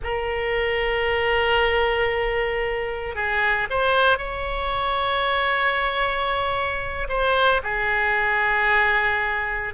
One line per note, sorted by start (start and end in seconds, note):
0.03 3.15 A#4
3.15 3.67 G#4
3.69 4.18 C5
4.18 7.07 C#5
7.09 7.61 C5
7.63 9.73 G#4